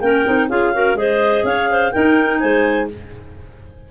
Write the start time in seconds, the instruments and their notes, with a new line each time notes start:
0.00 tuba A#3, clarinet C#4 A#4 G5
0.25 tuba C4, clarinet D#4
0.48 tuba C#4, clarinet F4 G#4 F5
0.73 clarinet F#4 A#4
0.95 tuba G#3, clarinet G#4 C5 D#5
1.44 tuba C#4, clarinet C#5 F5
1.71 clarinet C5
1.92 clarinet D#4 A#4 G5, tuba D#4
2.39 tuba G#3, clarinet C5 G#5